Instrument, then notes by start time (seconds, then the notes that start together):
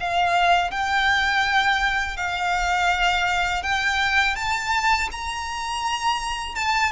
violin
0.00 F5
0.71 G5
2.17 F5
3.63 G5
4.36 A5
5.12 A#5
6.55 A5